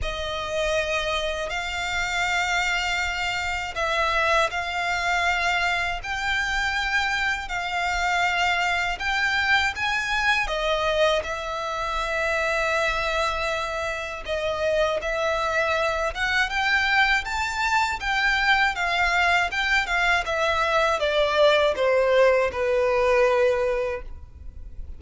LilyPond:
\new Staff \with { instrumentName = "violin" } { \time 4/4 \tempo 4 = 80 dis''2 f''2~ | f''4 e''4 f''2 | g''2 f''2 | g''4 gis''4 dis''4 e''4~ |
e''2. dis''4 | e''4. fis''8 g''4 a''4 | g''4 f''4 g''8 f''8 e''4 | d''4 c''4 b'2 | }